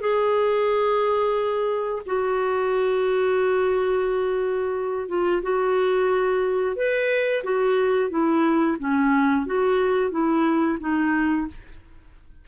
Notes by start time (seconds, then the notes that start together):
0.00 G#4
2.06 F#4
5.08 F4
5.42 F#4
6.76 B4
7.43 F#4
8.10 E4
8.79 C#4
9.46 F#4
10.11 E4
10.80 D#4